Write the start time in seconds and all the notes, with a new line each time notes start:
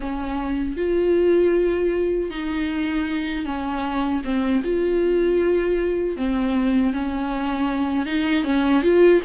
0.00 C#4
0.76 F4
2.30 D#4
3.45 C#4
4.24 C4
4.63 F4
6.16 C4
6.93 C#4
8.06 D#4
8.44 C#4
8.82 F4